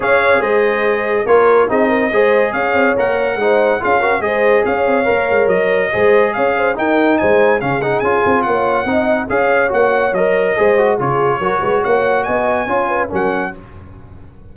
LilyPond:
<<
  \new Staff \with { instrumentName = "trumpet" } { \time 4/4 \tempo 4 = 142 f''4 dis''2 cis''4 | dis''2 f''4 fis''4~ | fis''4 f''4 dis''4 f''4~ | f''4 dis''2 f''4 |
g''4 gis''4 f''8 fis''8 gis''4 | fis''2 f''4 fis''4 | dis''2 cis''2 | fis''4 gis''2 fis''4 | }
  \new Staff \with { instrumentName = "horn" } { \time 4/4 cis''4 c''2 ais'4 | gis'8 ais'8 c''4 cis''2 | c''4 gis'8 ais'8 c''4 cis''4~ | cis''2 c''4 cis''8 c''8 |
ais'4 c''4 gis'2 | cis''4 dis''4 cis''2~ | cis''4 c''4 gis'4 ais'8 b'8 | cis''4 dis''4 cis''8 b'8 ais'4 | }
  \new Staff \with { instrumentName = "trombone" } { \time 4/4 gis'2. f'4 | dis'4 gis'2 ais'4 | dis'4 f'8 fis'8 gis'2 | ais'2 gis'2 |
dis'2 cis'8 dis'8 f'4~ | f'4 dis'4 gis'4 fis'4 | ais'4 gis'8 fis'8 f'4 fis'4~ | fis'2 f'4 cis'4 | }
  \new Staff \with { instrumentName = "tuba" } { \time 4/4 cis'4 gis2 ais4 | c'4 gis4 cis'8 c'8 ais4 | gis4 cis'4 gis4 cis'8 c'8 | ais8 gis8 fis4 gis4 cis'4 |
dis'4 gis4 cis4 cis'8 c'8 | ais4 c'4 cis'4 ais4 | fis4 gis4 cis4 fis8 gis8 | ais4 b4 cis'4 fis4 | }
>>